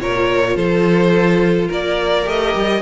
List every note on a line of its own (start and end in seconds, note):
0.00 0.55 A#2
0.00 2.24 F4
0.00 0.56 A#4
0.00 0.56 C#5
0.55 1.69 F3
0.55 1.68 A4
0.55 1.70 C5
1.68 2.26 A#3
1.68 2.81 A#4
1.68 2.29 D5
2.24 2.55 A3
2.24 2.80 G4
2.24 2.81 D#5
2.55 2.81 G3